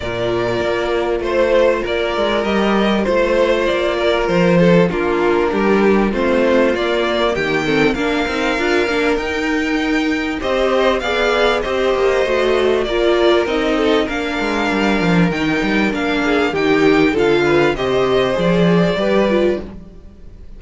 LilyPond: <<
  \new Staff \with { instrumentName = "violin" } { \time 4/4 \tempo 4 = 98 d''2 c''4 d''4 | dis''4 c''4 d''4 c''4 | ais'2 c''4 d''4 | g''4 f''2 g''4~ |
g''4 dis''4 f''4 dis''4~ | dis''4 d''4 dis''4 f''4~ | f''4 g''4 f''4 g''4 | f''4 dis''4 d''2 | }
  \new Staff \with { instrumentName = "violin" } { \time 4/4 ais'2 c''4 ais'4~ | ais'4 c''4. ais'4 a'8 | f'4 g'4 f'2 | g'8 a'8 ais'2.~ |
ais'4 c''4 d''4 c''4~ | c''4 ais'4. a'8 ais'4~ | ais'2~ ais'8 gis'8 g'4 | a'8 b'8 c''2 b'4 | }
  \new Staff \with { instrumentName = "viola" } { \time 4/4 f'1 | g'4 f'2. | d'2 c'4 ais4~ | ais8 c'8 d'8 dis'8 f'8 d'8 dis'4~ |
dis'4 g'4 gis'4 g'4 | fis'4 f'4 dis'4 d'4~ | d'4 dis'4 d'4 dis'4 | f'4 g'4 gis'4 g'8 f'8 | }
  \new Staff \with { instrumentName = "cello" } { \time 4/4 ais,4 ais4 a4 ais8 gis8 | g4 a4 ais4 f4 | ais4 g4 a4 ais4 | dis4 ais8 c'8 d'8 ais8 dis'4~ |
dis'4 c'4 b4 c'8 ais8 | a4 ais4 c'4 ais8 gis8 | g8 f8 dis8 g8 ais4 dis4 | d4 c4 f4 g4 | }
>>